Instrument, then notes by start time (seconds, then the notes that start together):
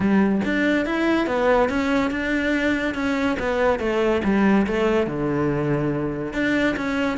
cello
0.00 G3
0.45 D4
0.85 E4
1.27 B3
1.69 C#4
2.10 D4
2.94 C#4
3.39 B3
3.79 A3
4.24 G3
4.66 A3
5.06 D3
6.33 D4
6.76 C#4